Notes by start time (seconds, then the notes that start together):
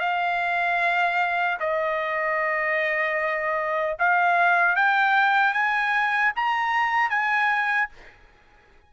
0.00 F5
1.60 D#5
3.99 F5
4.76 G5
5.54 G#5
6.36 A#5
7.10 G#5